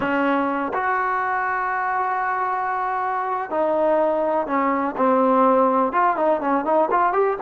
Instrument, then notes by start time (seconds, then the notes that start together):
trombone
0.00 C#4
0.73 F#4
3.50 D#4
4.46 C#4
4.96 C4
5.92 F4
6.16 D#4
6.40 C#4
6.64 D#4
6.90 F4
7.12 G4